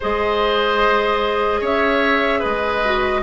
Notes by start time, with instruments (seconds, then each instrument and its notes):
0.00 bassoon G#3, clarinet G#4, oboe C5, flute D#5
1.60 bassoon C#4, oboe C#5, flute E5
2.39 bassoon G#3, oboe B4, flute D#5
2.84 clarinet F#4